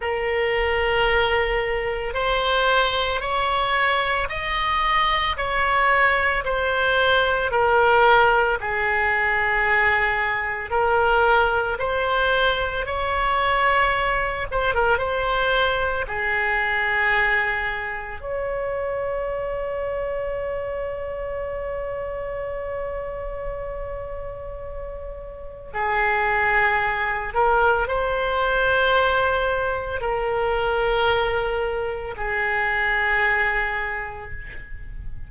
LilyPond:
\new Staff \with { instrumentName = "oboe" } { \time 4/4 \tempo 4 = 56 ais'2 c''4 cis''4 | dis''4 cis''4 c''4 ais'4 | gis'2 ais'4 c''4 | cis''4. c''16 ais'16 c''4 gis'4~ |
gis'4 cis''2.~ | cis''1 | gis'4. ais'8 c''2 | ais'2 gis'2 | }